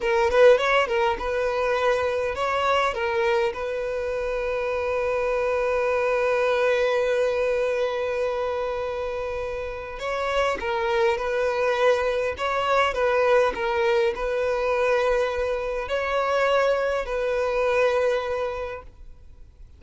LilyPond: \new Staff \with { instrumentName = "violin" } { \time 4/4 \tempo 4 = 102 ais'8 b'8 cis''8 ais'8 b'2 | cis''4 ais'4 b'2~ | b'1~ | b'1~ |
b'4 cis''4 ais'4 b'4~ | b'4 cis''4 b'4 ais'4 | b'2. cis''4~ | cis''4 b'2. | }